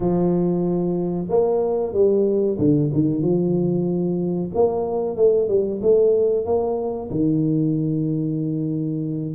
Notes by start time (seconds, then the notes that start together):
0.00 F3
1.29 A#3
1.93 G3
2.58 D3
2.93 D#3
3.21 F3
4.54 A#3
5.16 A3
5.48 G3
5.82 A3
6.45 A#3
7.10 D#3